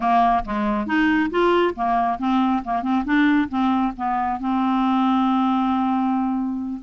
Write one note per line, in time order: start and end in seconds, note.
0.00 0.43 A#3
0.44 0.86 G#3
0.86 1.30 D#4
1.30 1.74 F4
1.75 2.19 A#3
2.19 2.62 C4
2.63 2.82 A#3
2.82 3.04 C4
3.04 3.48 D4
3.48 3.92 C4
3.96 4.39 B3
4.39 6.80 C4